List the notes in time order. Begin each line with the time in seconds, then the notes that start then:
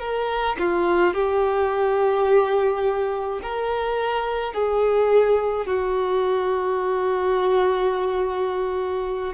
0.00 A#4
0.60 F4
1.14 G4
3.43 A#4
4.54 G#4
5.67 F#4